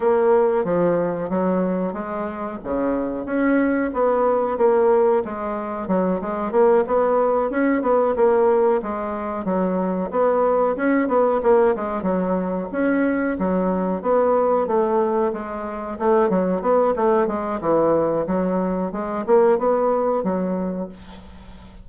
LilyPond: \new Staff \with { instrumentName = "bassoon" } { \time 4/4 \tempo 4 = 92 ais4 f4 fis4 gis4 | cis4 cis'4 b4 ais4 | gis4 fis8 gis8 ais8 b4 cis'8 | b8 ais4 gis4 fis4 b8~ |
b8 cis'8 b8 ais8 gis8 fis4 cis'8~ | cis'8 fis4 b4 a4 gis8~ | gis8 a8 fis8 b8 a8 gis8 e4 | fis4 gis8 ais8 b4 fis4 | }